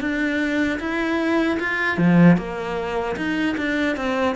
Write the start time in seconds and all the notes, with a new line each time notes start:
0.00 D4
0.79 E4
1.59 F4
1.97 F3
2.37 A#3
3.16 D#4
3.57 D4
3.96 C4